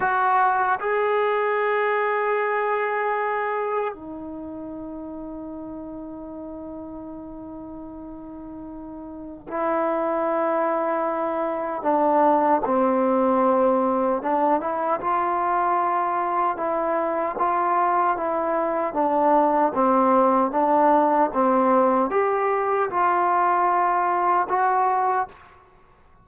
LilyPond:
\new Staff \with { instrumentName = "trombone" } { \time 4/4 \tempo 4 = 76 fis'4 gis'2.~ | gis'4 dis'2.~ | dis'1 | e'2. d'4 |
c'2 d'8 e'8 f'4~ | f'4 e'4 f'4 e'4 | d'4 c'4 d'4 c'4 | g'4 f'2 fis'4 | }